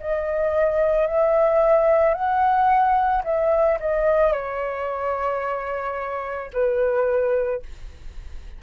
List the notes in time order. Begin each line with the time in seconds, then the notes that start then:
0.00 D#5
1.07 E5
2.14 F#5
3.24 E5
3.80 D#5
4.32 C#5
6.53 B4